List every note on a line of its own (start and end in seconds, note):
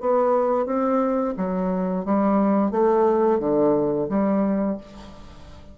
0.00 0.66 B3
0.66 1.34 C4
1.37 2.05 F#3
2.05 2.71 G3
2.71 3.39 A3
3.39 4.08 D3
4.09 4.77 G3